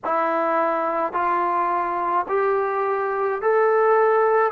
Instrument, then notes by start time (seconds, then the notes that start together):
trombone
0.04 E4
1.13 F4
2.28 G4
3.41 A4